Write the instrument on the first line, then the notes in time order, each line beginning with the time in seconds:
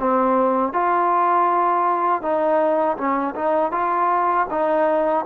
trombone
0.00 C4
0.73 F4
2.22 D#4
2.97 C#4
3.35 D#4
3.72 F4
4.50 D#4